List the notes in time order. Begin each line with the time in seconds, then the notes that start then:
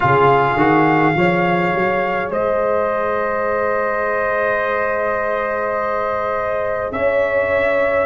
0.00 C#3 F4 G#4 F5
0.55 D#3 F#4
1.14 F3 G#4 C#5
1.74 F#3
2.30 G#3 C5 D#5
6.91 C#4 C#5 E5